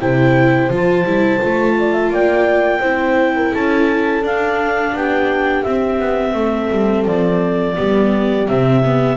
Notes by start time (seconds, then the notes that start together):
0.00 C3 E4 C5 G5
0.70 F3 F4
0.76 A5
1.04 G3 E4
1.40 A3 F4
1.79 D5
1.93 E5
2.10 A#3 D5 G5
2.80 C4 E4 C5
3.35 A#4
3.53 C#4 A4 A5
4.22 D4 F5
4.93 B3 G4 G5
5.63 C4 E5
5.99 B3
6.34 A3 A4
6.70 G3
7.05 F3 D5
7.76 G3 B3 G4
8.47 C3 C4 E5
8.84 B3